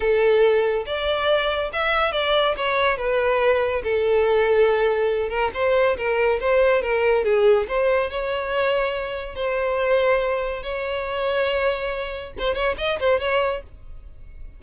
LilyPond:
\new Staff \with { instrumentName = "violin" } { \time 4/4 \tempo 4 = 141 a'2 d''2 | e''4 d''4 cis''4 b'4~ | b'4 a'2.~ | a'8 ais'8 c''4 ais'4 c''4 |
ais'4 gis'4 c''4 cis''4~ | cis''2 c''2~ | c''4 cis''2.~ | cis''4 c''8 cis''8 dis''8 c''8 cis''4 | }